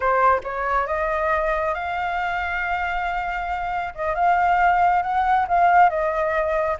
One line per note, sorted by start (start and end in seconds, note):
0.00 0.40 C5
0.43 0.87 C#5
0.87 1.74 D#5
1.74 3.93 F5
3.94 4.14 D#5
4.14 5.02 F5
5.02 5.46 F#5
5.47 5.89 F5
5.89 6.77 D#5